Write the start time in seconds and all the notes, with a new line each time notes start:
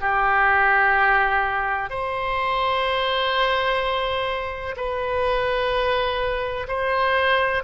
0.00 G4
1.89 C5
4.76 B4
6.68 C5